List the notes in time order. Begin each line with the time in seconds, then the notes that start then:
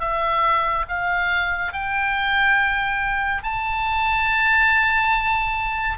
0.00 E5
0.88 F5
1.73 G5
3.44 A5